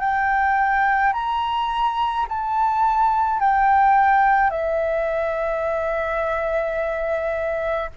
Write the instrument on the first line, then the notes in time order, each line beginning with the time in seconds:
flute
0.00 G5
1.13 A#5
2.29 A5
3.40 G5
4.50 E5